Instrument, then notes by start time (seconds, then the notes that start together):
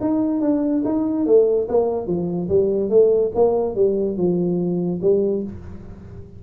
tuba
0.00 D#4
0.41 D4
0.84 D#4
1.25 A3
1.68 A#3
2.06 F3
2.48 G3
2.89 A3
3.34 A#3
3.75 G3
4.16 F3
5.01 G3